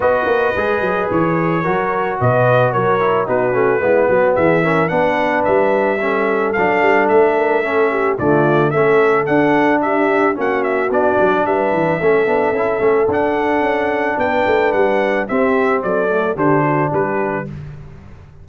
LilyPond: <<
  \new Staff \with { instrumentName = "trumpet" } { \time 4/4 \tempo 4 = 110 dis''2 cis''2 | dis''4 cis''4 b'2 | e''4 fis''4 e''2 | f''4 e''2 d''4 |
e''4 fis''4 e''4 fis''8 e''8 | d''4 e''2. | fis''2 g''4 fis''4 | e''4 d''4 c''4 b'4 | }
  \new Staff \with { instrumentName = "horn" } { \time 4/4 b'2. ais'4 | b'4 ais'4 fis'4 e'8 fis'8 | gis'8 ais'8 b'2 a'4~ | a'4. ais'8 a'8 g'8 f'4 |
a'2 g'4 fis'4~ | fis'4 b'4 a'2~ | a'2 b'2 | g'4 a'4 g'8 fis'8 g'4 | }
  \new Staff \with { instrumentName = "trombone" } { \time 4/4 fis'4 gis'2 fis'4~ | fis'4. e'8 dis'8 cis'8 b4~ | b8 cis'8 d'2 cis'4 | d'2 cis'4 a4 |
cis'4 d'2 cis'4 | d'2 cis'8 d'8 e'8 cis'8 | d'1 | c'4. a8 d'2 | }
  \new Staff \with { instrumentName = "tuba" } { \time 4/4 b8 ais8 gis8 fis8 e4 fis4 | b,4 fis4 b8 a8 gis8 fis8 | e4 b4 g2 | fis8 g8 a2 d4 |
a4 d'2 ais4 | b8 fis8 g8 e8 a8 b8 cis'8 a8 | d'4 cis'4 b8 a8 g4 | c'4 fis4 d4 g4 | }
>>